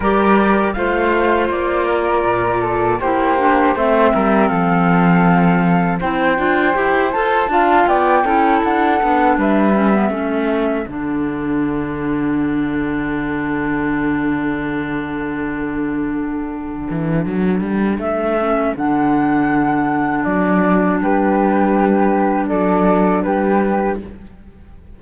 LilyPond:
<<
  \new Staff \with { instrumentName = "flute" } { \time 4/4 \tempo 4 = 80 d''4 f''4 d''2 | c''4 e''4 f''2 | g''4. a''4 g''4 fis''8~ | fis''8 e''2 fis''4.~ |
fis''1~ | fis''1 | e''4 fis''2 d''4 | b'2 d''4 b'4 | }
  \new Staff \with { instrumentName = "flute" } { \time 4/4 ais'4 c''4. ais'4 a'8 | g'4 c''8 ais'8 a'2 | c''2 f''8 d''8 a'4~ | a'8 b'4 a'2~ a'8~ |
a'1~ | a'1~ | a'1 | g'2 a'4 g'4 | }
  \new Staff \with { instrumentName = "clarinet" } { \time 4/4 g'4 f'2. | e'8 d'8 c'2. | e'8 f'8 g'8 a'8 f'4 e'4 | d'4 cis'16 b16 cis'4 d'4.~ |
d'1~ | d'1~ | d'8 cis'8 d'2.~ | d'1 | }
  \new Staff \with { instrumentName = "cello" } { \time 4/4 g4 a4 ais4 ais,4 | ais4 a8 g8 f2 | c'8 d'8 e'8 f'8 d'8 b8 cis'8 d'8 | b8 g4 a4 d4.~ |
d1~ | d2~ d8 e8 fis8 g8 | a4 d2 fis4 | g2 fis4 g4 | }
>>